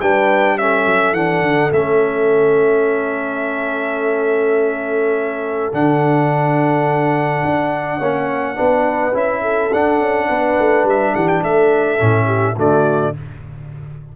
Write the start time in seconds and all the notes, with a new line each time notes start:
0.00 G3 D4 B4 G5
0.58 C#4 A4 E5
0.85 F#3
1.12 E3 D4 F#5
1.41 D3
1.72 A3 C#4 E5
5.72 D3 D4 F#5
7.44 D4
7.97 A#3 C#4 C#5
8.55 B3 D4 B4
9.13 C#4 E4 E5
9.41 A4
9.73 D4 F#5
10.00 C#4
10.28 B3 B4
10.59 A3
10.84 G3 E5
11.14 E3 G4 F#5
11.28 G5
11.43 A3 A4 E5
11.98 A2 C#4
12.26 G4
12.57 D3 A3 F#4 D5